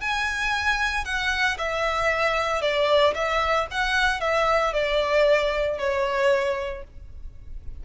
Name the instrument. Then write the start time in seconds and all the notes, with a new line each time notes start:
violin
0.00 G#5
1.04 F#5
1.58 E5
2.61 D5
3.14 E5
3.70 F#5
4.20 E5
4.73 D5
5.78 C#5